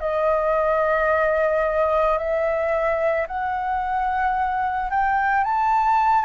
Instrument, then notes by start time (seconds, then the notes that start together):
flute
0.00 D#5
2.18 E5
3.27 F#5
4.91 G5
5.44 A5